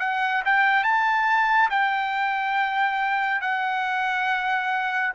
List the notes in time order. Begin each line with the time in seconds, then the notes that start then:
0.00 F#5
0.46 G5
0.84 A5
1.70 G5
3.42 F#5